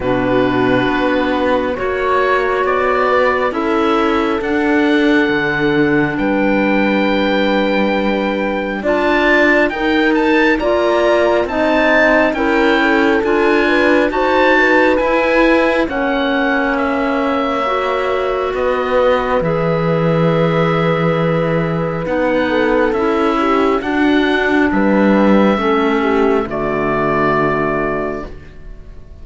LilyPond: <<
  \new Staff \with { instrumentName = "oboe" } { \time 4/4 \tempo 4 = 68 b'2 cis''4 d''4 | e''4 fis''2 g''4~ | g''2 a''4 g''8 a''8 | ais''4 a''4 g''4 gis''4 |
a''4 gis''4 fis''4 e''4~ | e''4 dis''4 e''2~ | e''4 fis''4 e''4 fis''4 | e''2 d''2 | }
  \new Staff \with { instrumentName = "horn" } { \time 4/4 fis'2 cis''4. b'8 | a'2. b'4~ | b'2 d''4 ais'4 | d''4 dis''4 ais'8 a'4 b'8 |
c''8 b'4. cis''2~ | cis''4 b'2.~ | b'4. a'4 g'8 fis'4 | b'4 a'8 g'8 fis'2 | }
  \new Staff \with { instrumentName = "clarinet" } { \time 4/4 d'2 fis'2 | e'4 d'2.~ | d'2 f'4 dis'4 | f'4 dis'4 e'4 f'4 |
fis'4 e'4 cis'2 | fis'2 gis'2~ | gis'4 dis'4 e'4 d'4~ | d'4 cis'4 a2 | }
  \new Staff \with { instrumentName = "cello" } { \time 4/4 b,4 b4 ais4 b4 | cis'4 d'4 d4 g4~ | g2 d'4 dis'4 | ais4 c'4 cis'4 d'4 |
dis'4 e'4 ais2~ | ais4 b4 e2~ | e4 b4 cis'4 d'4 | g4 a4 d2 | }
>>